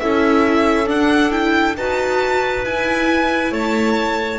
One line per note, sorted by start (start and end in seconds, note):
0.00 0.90 C#4
0.00 0.86 E4
0.00 1.78 A4
0.00 0.88 E5
0.86 1.30 D4
0.86 1.77 D4
0.86 1.32 F#5
1.31 1.75 E4
1.31 1.76 G5
1.77 2.65 D#4
1.77 2.65 F#4
1.77 3.52 B4
1.77 2.65 A5
2.65 3.51 E4
2.65 4.39 E4
2.65 3.53 G#5
3.51 4.39 A3
3.51 4.39 C#5
3.51 4.39 A5